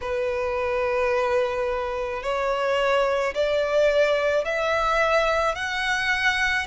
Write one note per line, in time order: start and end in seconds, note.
0.01 2.22 B4
2.22 3.33 C#5
3.34 4.44 D5
4.44 5.55 E5
5.55 6.66 F#5